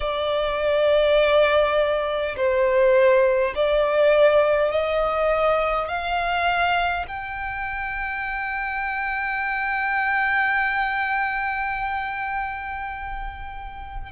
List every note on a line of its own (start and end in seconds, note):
0.00 2.35 D5
2.36 3.53 C5
3.55 4.71 D5
4.71 5.88 D#5
5.88 7.05 F5
7.07 14.11 G5